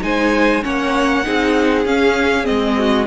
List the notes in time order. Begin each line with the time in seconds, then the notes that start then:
0.00 G#3 D#4 C5 G#5
0.62 A#3 C#4 C#5 F#5
1.23 C4 D#4 G#4
1.85 C#4 F5
2.43 C4 D#5
2.49 G#3
2.77 F#4